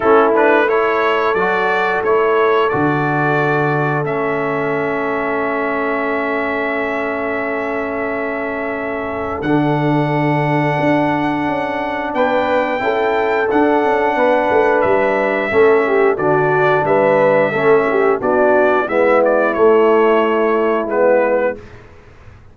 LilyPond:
<<
  \new Staff \with { instrumentName = "trumpet" } { \time 4/4 \tempo 4 = 89 a'8 b'8 cis''4 d''4 cis''4 | d''2 e''2~ | e''1~ | e''2 fis''2~ |
fis''2 g''2 | fis''2 e''2 | d''4 e''2 d''4 | e''8 d''8 cis''2 b'4 | }
  \new Staff \with { instrumentName = "horn" } { \time 4/4 e'4 a'2.~ | a'1~ | a'1~ | a'1~ |
a'2 b'4 a'4~ | a'4 b'2 a'8 g'8 | fis'4 b'4 a'8 g'8 fis'4 | e'1 | }
  \new Staff \with { instrumentName = "trombone" } { \time 4/4 cis'8 d'8 e'4 fis'4 e'4 | fis'2 cis'2~ | cis'1~ | cis'2 d'2~ |
d'2. e'4 | d'2. cis'4 | d'2 cis'4 d'4 | b4 a2 b4 | }
  \new Staff \with { instrumentName = "tuba" } { \time 4/4 a2 fis4 a4 | d2 a2~ | a1~ | a2 d2 |
d'4 cis'4 b4 cis'4 | d'8 cis'8 b8 a8 g4 a4 | d4 g4 a4 b4 | gis4 a2 gis4 | }
>>